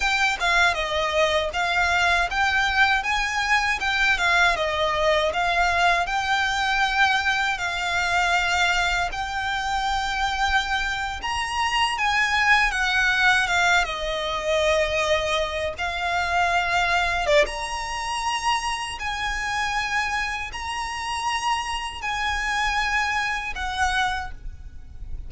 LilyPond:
\new Staff \with { instrumentName = "violin" } { \time 4/4 \tempo 4 = 79 g''8 f''8 dis''4 f''4 g''4 | gis''4 g''8 f''8 dis''4 f''4 | g''2 f''2 | g''2~ g''8. ais''4 gis''16~ |
gis''8. fis''4 f''8 dis''4.~ dis''16~ | dis''8. f''2 d''16 ais''4~ | ais''4 gis''2 ais''4~ | ais''4 gis''2 fis''4 | }